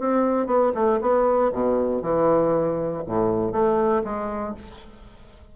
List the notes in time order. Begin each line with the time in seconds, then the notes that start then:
0.00 C4
0.47 B3
0.75 A3
1.01 B3
1.53 B2
2.02 E3
3.07 A2
3.52 A3
4.04 G#3